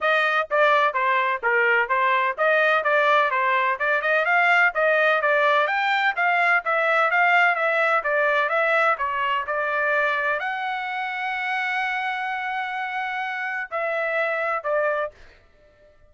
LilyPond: \new Staff \with { instrumentName = "trumpet" } { \time 4/4 \tempo 4 = 127 dis''4 d''4 c''4 ais'4 | c''4 dis''4 d''4 c''4 | d''8 dis''8 f''4 dis''4 d''4 | g''4 f''4 e''4 f''4 |
e''4 d''4 e''4 cis''4 | d''2 fis''2~ | fis''1~ | fis''4 e''2 d''4 | }